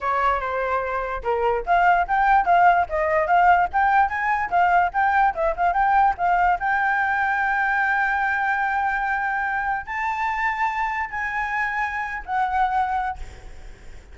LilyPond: \new Staff \with { instrumentName = "flute" } { \time 4/4 \tempo 4 = 146 cis''4 c''2 ais'4 | f''4 g''4 f''4 dis''4 | f''4 g''4 gis''4 f''4 | g''4 e''8 f''8 g''4 f''4 |
g''1~ | g''1 | a''2. gis''4~ | gis''4.~ gis''16 fis''2~ fis''16 | }